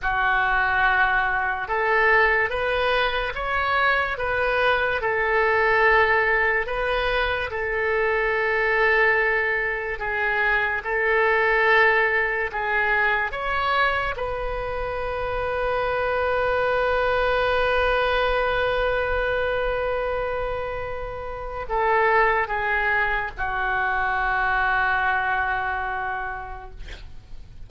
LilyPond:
\new Staff \with { instrumentName = "oboe" } { \time 4/4 \tempo 4 = 72 fis'2 a'4 b'4 | cis''4 b'4 a'2 | b'4 a'2. | gis'4 a'2 gis'4 |
cis''4 b'2.~ | b'1~ | b'2 a'4 gis'4 | fis'1 | }